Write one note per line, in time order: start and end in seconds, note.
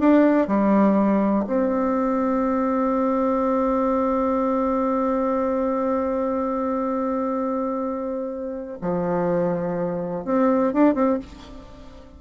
0.00 0.48 D4
0.48 1.45 G3
1.47 8.79 C4
8.82 10.25 F3
10.25 10.74 C4
10.74 10.95 D4
10.95 11.19 C4